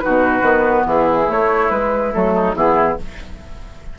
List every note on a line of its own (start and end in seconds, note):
0.00 0.42 D#4
0.00 0.87 F#4
0.00 0.85 B4
0.06 0.42 B2
0.42 0.84 D#3
0.42 1.26 B3
0.86 1.28 E3
0.86 2.34 E4
0.86 1.31 G#4
1.26 1.68 A3
1.26 1.70 A3
1.26 1.70 C#5
1.70 2.12 G#3
1.70 2.13 G#3
1.70 2.13 B4
2.13 2.55 F#3
2.13 2.55 A3
2.13 2.56 A4
2.34 2.55 D#4
2.55 2.97 E3
2.55 2.98 B3
2.55 2.98 E4
2.55 2.99 G#4